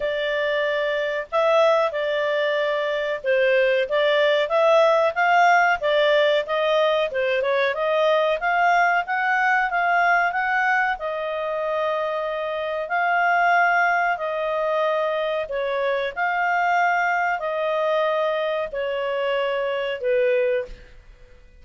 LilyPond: \new Staff \with { instrumentName = "clarinet" } { \time 4/4 \tempo 4 = 93 d''2 e''4 d''4~ | d''4 c''4 d''4 e''4 | f''4 d''4 dis''4 c''8 cis''8 | dis''4 f''4 fis''4 f''4 |
fis''4 dis''2. | f''2 dis''2 | cis''4 f''2 dis''4~ | dis''4 cis''2 b'4 | }